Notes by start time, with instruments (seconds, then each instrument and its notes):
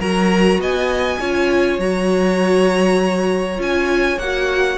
0.00 cello F#3, viola F#4, violin A#4 A#5
0.59 cello B3, violin D#5 G#5
1.20 cello C#4, viola F4, violin C#5
1.79 cello F#3, viola F#4, violin A#5
3.57 cello C#4, viola F4, violin G#5
4.18 cello A#3, violin F#5
4.24 viola F#4